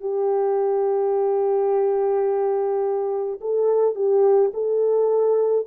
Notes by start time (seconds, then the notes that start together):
0.00 G4
3.41 A4
3.95 G4
4.53 A4